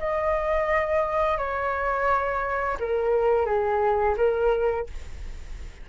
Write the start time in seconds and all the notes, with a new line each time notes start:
0.00 D#5
1.38 C#5
2.80 A#4
3.46 G#4
4.17 A#4